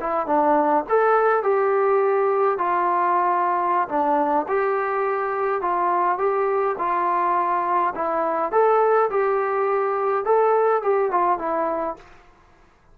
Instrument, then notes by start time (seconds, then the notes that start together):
trombone
0.00 E4
0.26 D4
0.89 A4
1.43 G4
2.58 F4
3.88 D4
4.48 G4
5.61 F4
6.18 G4
6.78 F4
7.95 E4
8.52 A4
9.10 G4
10.25 A4
10.82 G4
11.11 F4
11.38 E4